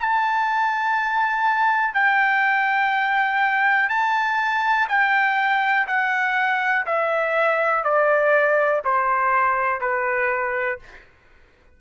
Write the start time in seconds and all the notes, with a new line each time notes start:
0.00 A5
1.94 G5
3.89 A5
4.89 G5
5.87 F#5
6.86 E5
7.84 D5
8.84 C5
9.81 B4